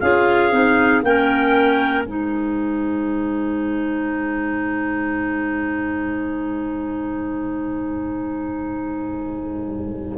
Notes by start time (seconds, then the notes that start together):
0.00 C#4 F4 G#4 F5
0.52 C4 D#4
1.03 A#3 C#4 A#4 G5
2.04 G#3 D#4 C5 G#5